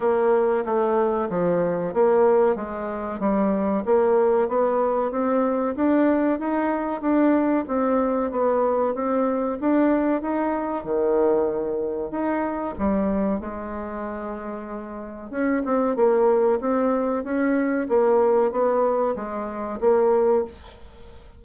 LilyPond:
\new Staff \with { instrumentName = "bassoon" } { \time 4/4 \tempo 4 = 94 ais4 a4 f4 ais4 | gis4 g4 ais4 b4 | c'4 d'4 dis'4 d'4 | c'4 b4 c'4 d'4 |
dis'4 dis2 dis'4 | g4 gis2. | cis'8 c'8 ais4 c'4 cis'4 | ais4 b4 gis4 ais4 | }